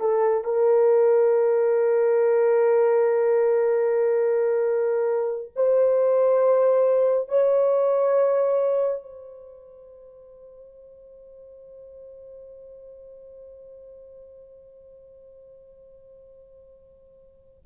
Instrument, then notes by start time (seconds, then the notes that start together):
horn
0.00 A4
0.44 A#4
5.55 C5
7.28 C#5
9.02 C5